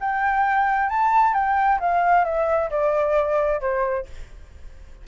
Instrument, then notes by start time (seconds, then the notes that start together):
flute
0.00 G5
0.89 A5
1.34 G5
1.80 F5
2.25 E5
2.70 D5
3.60 C5